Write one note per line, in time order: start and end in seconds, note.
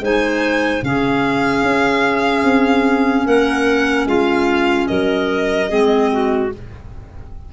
0.00 0.81 G#3
0.00 0.82 D#4
0.00 0.83 C5
0.00 0.84 G#5
0.82 1.63 C#3
0.82 5.68 C#4
0.82 3.26 G#4
0.82 3.27 F5
1.63 2.44 C#4
2.44 3.25 C4
3.26 4.06 A#3
3.26 4.07 A#4
3.26 4.08 F#5
4.06 4.87 G#3
4.06 4.89 F4
4.06 4.87 F5
4.87 5.71 F#3
4.87 5.69 A#4
4.87 6.49 D#5
5.68 6.52 G#3
5.68 6.49 C4
5.68 6.10 G#4
6.12 6.53 F#4